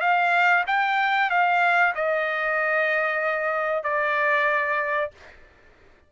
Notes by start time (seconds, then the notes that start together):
0.00 F5
0.67 G5
1.30 F5
1.94 D#5
3.83 D5